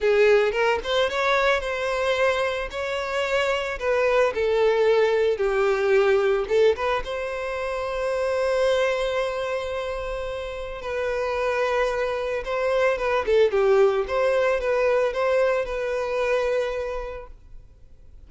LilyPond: \new Staff \with { instrumentName = "violin" } { \time 4/4 \tempo 4 = 111 gis'4 ais'8 c''8 cis''4 c''4~ | c''4 cis''2 b'4 | a'2 g'2 | a'8 b'8 c''2.~ |
c''1 | b'2. c''4 | b'8 a'8 g'4 c''4 b'4 | c''4 b'2. | }